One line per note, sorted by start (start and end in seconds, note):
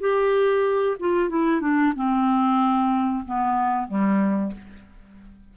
0.00 0.97 G4
0.99 1.29 F4
1.29 1.61 E4
1.61 1.93 D4
1.95 3.24 C4
3.25 3.87 B3
3.87 4.52 G3